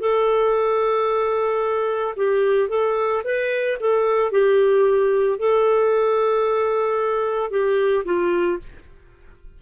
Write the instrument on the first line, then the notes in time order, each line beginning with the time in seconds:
clarinet
0.00 A4
2.17 G4
2.69 A4
3.24 B4
3.80 A4
4.31 G4
5.39 A4
7.50 G4
8.05 F4